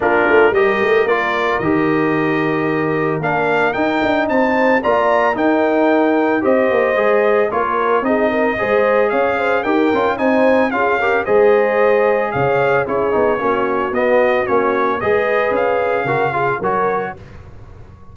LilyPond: <<
  \new Staff \with { instrumentName = "trumpet" } { \time 4/4 \tempo 4 = 112 ais'4 dis''4 d''4 dis''4~ | dis''2 f''4 g''4 | a''4 ais''4 g''2 | dis''2 cis''4 dis''4~ |
dis''4 f''4 g''4 gis''4 | f''4 dis''2 f''4 | cis''2 dis''4 cis''4 | dis''4 f''2 cis''4 | }
  \new Staff \with { instrumentName = "horn" } { \time 4/4 f'4 ais'2.~ | ais'1 | c''4 d''4 ais'2 | c''2 ais'4 gis'8 ais'8 |
c''4 cis''8 c''8 ais'4 c''4 | gis'8 ais'8 c''2 cis''4 | gis'4 fis'2. | b'2 ais'8 gis'8 ais'4 | }
  \new Staff \with { instrumentName = "trombone" } { \time 4/4 d'4 g'4 f'4 g'4~ | g'2 d'4 dis'4~ | dis'4 f'4 dis'2 | g'4 gis'4 f'4 dis'4 |
gis'2 g'8 f'8 dis'4 | f'8 g'8 gis'2. | e'8 dis'8 cis'4 b4 cis'4 | gis'2 fis'8 f'8 fis'4 | }
  \new Staff \with { instrumentName = "tuba" } { \time 4/4 ais8 a8 g8 a8 ais4 dis4~ | dis2 ais4 dis'8 d'8 | c'4 ais4 dis'2 | c'8 ais8 gis4 ais4 c'4 |
gis4 cis'4 dis'8 cis'8 c'4 | cis'4 gis2 cis4 | cis'8 b8 ais4 b4 ais4 | gis4 cis'4 cis4 fis4 | }
>>